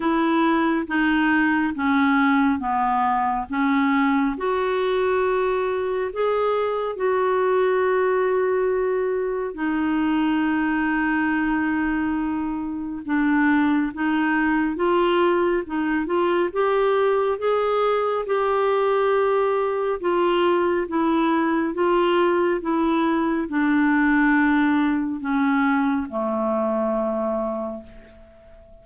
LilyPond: \new Staff \with { instrumentName = "clarinet" } { \time 4/4 \tempo 4 = 69 e'4 dis'4 cis'4 b4 | cis'4 fis'2 gis'4 | fis'2. dis'4~ | dis'2. d'4 |
dis'4 f'4 dis'8 f'8 g'4 | gis'4 g'2 f'4 | e'4 f'4 e'4 d'4~ | d'4 cis'4 a2 | }